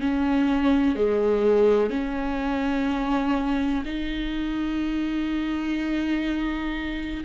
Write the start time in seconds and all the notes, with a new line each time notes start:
0.00 C#4
0.96 G#3
1.90 C#4
3.86 D#4